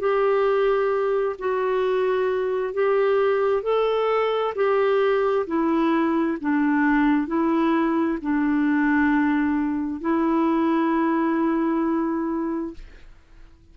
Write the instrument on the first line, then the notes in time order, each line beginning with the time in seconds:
clarinet
0.00 G4
1.39 F#4
2.74 G4
3.63 A4
4.55 G4
5.47 E4
6.41 D4
7.28 E4
8.21 D4
10.01 E4